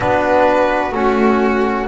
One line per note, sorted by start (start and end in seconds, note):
0.00 0.91 B3
0.00 0.92 D4
0.00 1.88 F#4
0.00 0.93 B4
0.91 1.85 A3
0.91 1.88 C#4
0.91 1.87 F#4